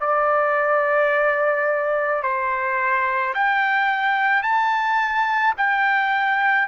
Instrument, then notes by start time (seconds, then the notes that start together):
trumpet
0.00 D5
2.23 C5
3.34 G5
4.42 A5
5.57 G5